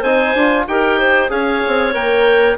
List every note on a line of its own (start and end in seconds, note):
0.00 0.34 C4
0.00 0.36 D#4
0.00 0.63 C5
0.00 0.66 G#5
0.34 0.66 D4
0.34 0.68 F4
0.68 1.30 D#4
0.68 1.29 G4
0.68 0.99 A#4
0.68 1.31 G5
0.99 1.31 C5
1.29 1.62 C#4
1.29 1.92 G#4
1.29 2.57 C#5
1.29 1.94 F5
1.67 1.94 C4
1.93 2.58 A#3
1.93 2.56 A#4
1.93 2.57 G5